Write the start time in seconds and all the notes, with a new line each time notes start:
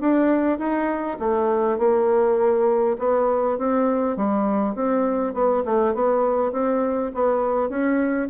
0.00 D4
0.58 D#4
1.19 A3
1.78 A#3
2.99 B3
3.58 C4
4.17 G3
4.75 C4
5.34 B3
5.65 A3
5.94 B3
6.52 C4
7.14 B3
7.69 C#4